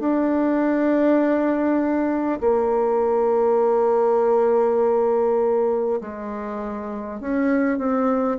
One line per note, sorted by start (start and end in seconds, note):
0.00 2.40 D4
2.41 6.01 A#3
6.01 7.21 G#3
7.21 7.78 C#4
7.78 8.38 C4